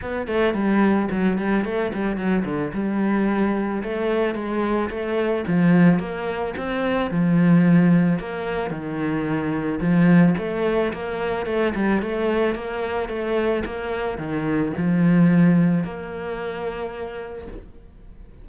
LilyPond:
\new Staff \with { instrumentName = "cello" } { \time 4/4 \tempo 4 = 110 b8 a8 g4 fis8 g8 a8 g8 | fis8 d8 g2 a4 | gis4 a4 f4 ais4 | c'4 f2 ais4 |
dis2 f4 a4 | ais4 a8 g8 a4 ais4 | a4 ais4 dis4 f4~ | f4 ais2. | }